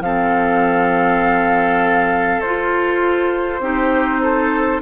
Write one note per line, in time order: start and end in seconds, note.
0.00 2.40 F3
0.00 2.43 C4
0.00 3.62 A4
0.00 2.41 F5
2.41 3.60 F4
2.41 3.62 F4
2.41 4.81 C5
3.60 4.80 C4
3.60 4.82 D#4
3.60 4.22 G4
4.22 4.82 A4